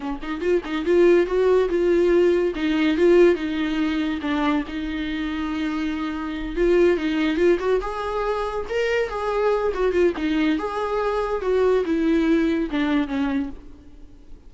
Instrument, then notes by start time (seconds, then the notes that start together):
viola
0.00 C#4
0.22 D#4
0.40 F4
0.64 D#4
0.85 F4
1.26 F#4
1.69 F4
2.55 D#4
2.97 F4
3.35 D#4
4.21 D4
4.67 D#4
6.56 F4
6.97 D#4
7.36 F4
7.59 F#4
7.81 G#4
8.69 A#4
9.09 G#4
9.73 F#4
9.92 F4
10.16 D#4
10.58 G#4
11.41 F#4
11.85 E4
12.70 D4
13.07 C#4